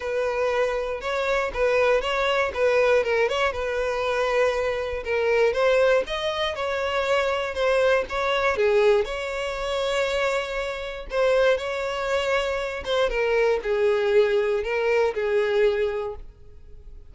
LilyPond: \new Staff \with { instrumentName = "violin" } { \time 4/4 \tempo 4 = 119 b'2 cis''4 b'4 | cis''4 b'4 ais'8 cis''8 b'4~ | b'2 ais'4 c''4 | dis''4 cis''2 c''4 |
cis''4 gis'4 cis''2~ | cis''2 c''4 cis''4~ | cis''4. c''8 ais'4 gis'4~ | gis'4 ais'4 gis'2 | }